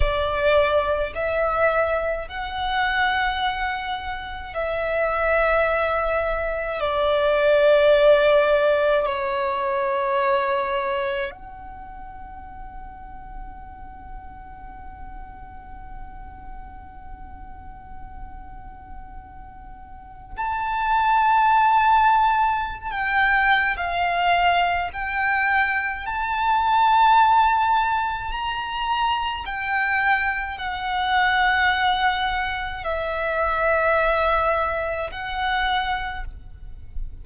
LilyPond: \new Staff \with { instrumentName = "violin" } { \time 4/4 \tempo 4 = 53 d''4 e''4 fis''2 | e''2 d''2 | cis''2 fis''2~ | fis''1~ |
fis''2 a''2~ | a''16 g''8. f''4 g''4 a''4~ | a''4 ais''4 g''4 fis''4~ | fis''4 e''2 fis''4 | }